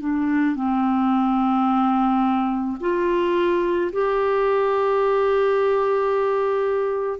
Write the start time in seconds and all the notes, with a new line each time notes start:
0.00 D4
0.56 C4
2.80 F4
3.92 G4